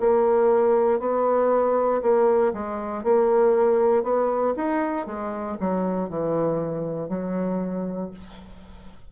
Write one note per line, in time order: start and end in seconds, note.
0.00 1.00 A#3
1.00 2.02 B3
2.02 2.53 A#3
2.53 3.04 G#3
3.04 4.03 A#3
4.03 4.54 B3
4.57 5.07 D#4
5.07 5.57 G#3
5.60 6.09 F#3
6.09 7.09 E3
7.09 8.10 F#3